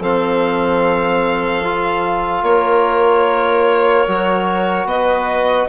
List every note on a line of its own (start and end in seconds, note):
0.00 2.43 F3
0.00 1.64 C4
0.00 2.44 A4
0.00 2.44 F5
1.64 4.07 F4
2.43 4.05 A#3
2.43 4.87 A#4
2.43 4.87 C#5
4.07 4.85 F#3
4.07 5.69 F#4
4.85 5.66 B3
4.85 5.68 B4
4.85 5.69 D#5